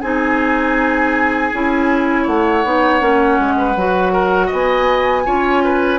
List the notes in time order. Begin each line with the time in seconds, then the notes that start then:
0.00 C4 D#4 G#4 G#5
1.52 C#4 E4
2.22 A3 C#5 F#5
2.64 B3 D#4
3.00 A#3 C#4
3.38 G#3
3.57 B4
3.75 F#3 F#4
4.12 A#4
4.46 B3 D#5 G#5
5.25 C#4 F4 C#5
5.63 B4